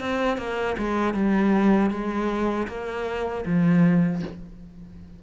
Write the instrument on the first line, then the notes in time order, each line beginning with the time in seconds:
cello
0.00 C4
0.37 A#3
0.78 G#3
1.14 G3
1.90 G#3
2.67 A#3
3.45 F3